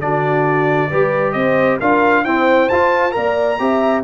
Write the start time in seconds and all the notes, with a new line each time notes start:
0.00 D3 D4 F#4 D5
0.90 G3 G4 B4
1.33 C4 C5 D#5
1.80 D4 F4 A#4 F5
2.25 C4 E4 C5 G5
2.69 F4 A5
3.12 A#3 A#4 D5 A#5
3.60 C4 G4 E5